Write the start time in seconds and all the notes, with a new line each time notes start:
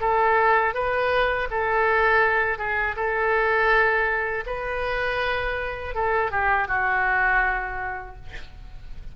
0.00 A4
0.74 B4
1.50 A4
2.58 G#4
2.96 A4
4.46 B4
5.94 A4
6.31 G4
6.67 F#4